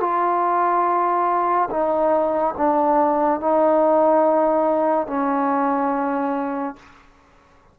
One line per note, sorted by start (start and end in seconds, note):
0.00 1.69 F4
1.70 2.55 D#4
2.57 3.40 D4
3.40 5.07 D#4
5.07 6.76 C#4